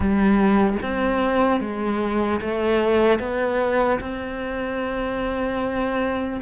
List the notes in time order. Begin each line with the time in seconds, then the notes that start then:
0.00 G3
0.82 C4
1.60 G#3
2.40 A3
3.19 B3
4.00 C4